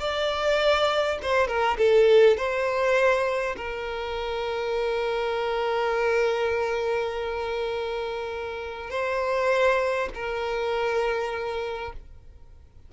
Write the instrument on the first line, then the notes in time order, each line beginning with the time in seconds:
violin
0.00 D5
1.22 C5
1.48 A#4
1.78 A4
2.37 C5
3.57 A#4
8.91 C5
10.15 A#4